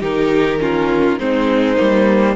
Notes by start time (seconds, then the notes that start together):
0.00 D#3 D#4 G4 A#4
0.60 C#4 F4
1.19 G#3 C4 D#4 C5
1.76 G3 A#3